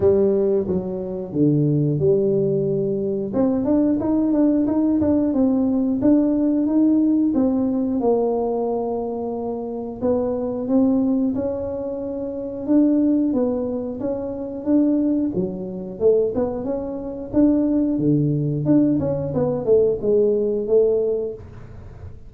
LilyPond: \new Staff \with { instrumentName = "tuba" } { \time 4/4 \tempo 4 = 90 g4 fis4 d4 g4~ | g4 c'8 d'8 dis'8 d'8 dis'8 d'8 | c'4 d'4 dis'4 c'4 | ais2. b4 |
c'4 cis'2 d'4 | b4 cis'4 d'4 fis4 | a8 b8 cis'4 d'4 d4 | d'8 cis'8 b8 a8 gis4 a4 | }